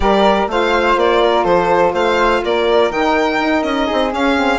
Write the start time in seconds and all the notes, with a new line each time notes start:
0.00 G3 G4 A#4 D5
0.47 A3 F4 C5 F5
0.96 A#3 D5
1.22 A#4
1.43 F3 A4 C5
1.92 A3 C5 F5
2.44 A#3 A#4 D5
2.90 D#3 D#4 G5
3.39 D#4
3.62 C#4 D#5
3.86 G#4
3.92 C4
4.10 C#4 F5
4.35 C4